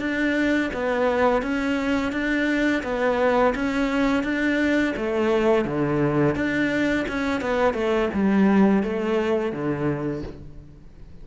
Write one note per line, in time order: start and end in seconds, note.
0.00 0.71 D4
0.73 1.42 B3
1.42 2.12 C#4
2.12 2.83 D4
2.83 3.54 B3
3.55 4.24 C#4
4.24 4.94 D4
4.97 5.65 A3
5.65 6.35 D3
6.35 7.06 D4
7.08 7.41 C#4
7.41 7.74 B3
7.74 8.09 A3
8.14 8.83 G3
8.83 9.52 A3
9.52 10.23 D3